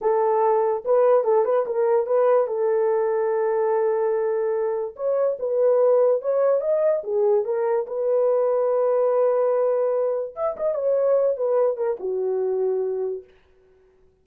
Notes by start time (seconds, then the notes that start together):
0.01 A4
0.84 B4
1.24 A4
1.45 B4
1.66 A#4
2.06 B4
2.47 A4
4.96 C#5
5.39 B4
6.21 C#5
6.60 D#5
7.03 G#4
7.44 A#4
7.87 B4
10.35 E5
10.56 D#5
10.74 C#5
11.36 B4
11.76 A#4
11.99 F#4